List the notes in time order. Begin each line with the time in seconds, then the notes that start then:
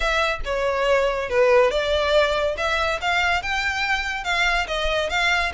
0.00 E5
0.44 C#5
1.29 B4
1.70 D5
2.57 E5
3.01 F5
3.42 G5
4.24 F5
4.67 D#5
5.09 F5